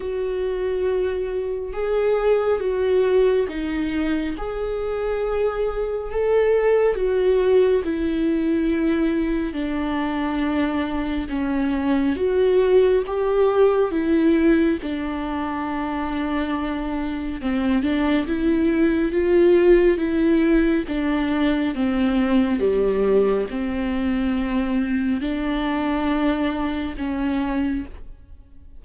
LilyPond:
\new Staff \with { instrumentName = "viola" } { \time 4/4 \tempo 4 = 69 fis'2 gis'4 fis'4 | dis'4 gis'2 a'4 | fis'4 e'2 d'4~ | d'4 cis'4 fis'4 g'4 |
e'4 d'2. | c'8 d'8 e'4 f'4 e'4 | d'4 c'4 g4 c'4~ | c'4 d'2 cis'4 | }